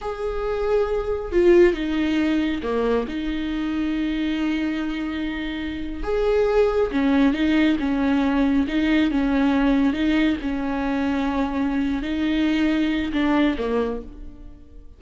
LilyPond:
\new Staff \with { instrumentName = "viola" } { \time 4/4 \tempo 4 = 137 gis'2. f'4 | dis'2 ais4 dis'4~ | dis'1~ | dis'4.~ dis'16 gis'2 cis'16~ |
cis'8. dis'4 cis'2 dis'16~ | dis'8. cis'2 dis'4 cis'16~ | cis'2.~ cis'8 dis'8~ | dis'2 d'4 ais4 | }